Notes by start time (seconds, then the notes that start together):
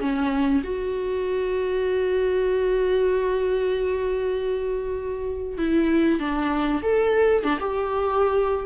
0.00 C#4
0.63 F#4
5.57 E4
6.19 D4
6.82 A4
7.43 D4
7.59 G4